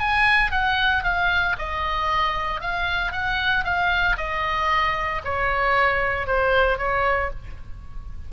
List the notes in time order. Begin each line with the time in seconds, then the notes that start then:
0.00 G#5
0.51 F#5
1.04 F5
1.59 D#5
2.61 F5
3.12 F#5
3.65 F5
4.18 D#5
5.25 C#5
6.27 C5
6.78 C#5